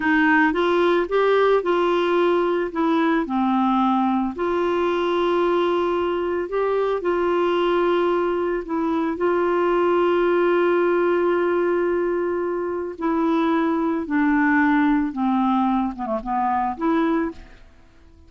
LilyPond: \new Staff \with { instrumentName = "clarinet" } { \time 4/4 \tempo 4 = 111 dis'4 f'4 g'4 f'4~ | f'4 e'4 c'2 | f'1 | g'4 f'2. |
e'4 f'2.~ | f'1 | e'2 d'2 | c'4. b16 a16 b4 e'4 | }